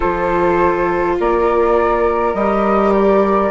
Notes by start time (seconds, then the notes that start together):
0.00 F3 F4 A4 C5
1.19 A#3 A#4 D5
2.34 G3 G4 D#5
2.93 D5